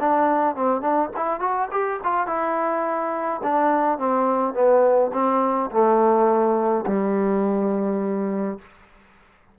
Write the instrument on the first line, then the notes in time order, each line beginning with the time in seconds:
trombone
0.00 D4
0.55 C4
0.81 D4
1.16 E4
1.40 F#4
1.71 G4
2.04 F4
2.27 E4
3.43 D4
3.98 C4
4.54 B3
5.13 C4
5.71 A3
6.87 G3